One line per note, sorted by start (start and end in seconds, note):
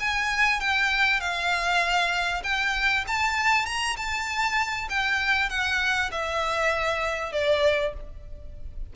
0.00 0.60 G#5
0.60 1.21 G5
1.21 2.43 F5
2.44 3.05 G5
3.08 3.66 A5
3.66 3.97 A#5
3.97 4.89 A5
4.90 5.50 G5
5.50 6.11 F#5
6.11 7.32 E5
7.32 7.94 D5